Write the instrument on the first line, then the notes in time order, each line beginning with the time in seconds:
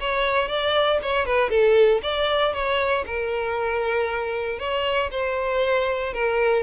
violin
0.00 C#5
0.48 D5
1.02 C#5
1.26 B4
1.50 A4
2.03 D5
2.53 C#5
3.06 A#4
4.59 C#5
5.11 C5
6.13 A#4